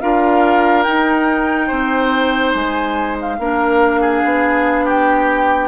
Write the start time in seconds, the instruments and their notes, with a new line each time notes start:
0.00 bassoon D4, clarinet F4, oboe A#4, flute F5
0.83 clarinet D#4, bassoon D#4, flute G5
1.67 bassoon C4, oboe C5
2.54 bassoon G#3, flute G#5
3.21 flute F5
3.38 bassoon A#3, clarinet D4, oboe A#4
4.00 oboe G#4
4.24 bassoon B3
4.84 oboe G4, flute G5